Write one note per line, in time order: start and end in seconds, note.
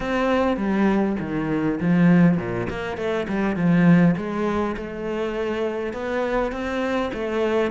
0.00 0.56 C4
0.56 1.16 G3
1.20 1.79 D#3
1.80 2.37 F3
2.37 2.67 A#2
2.69 2.97 A#3
2.97 3.26 A3
3.28 3.55 G3
3.55 4.15 F3
4.16 4.76 G#3
4.76 5.93 A3
5.93 6.52 B3
6.52 7.11 C4
7.13 7.71 A3